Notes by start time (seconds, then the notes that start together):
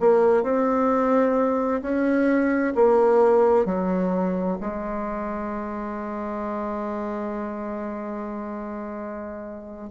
0.00 A#3
0.43 C4
1.82 C#4
2.75 A#3
3.66 F#3
4.61 G#3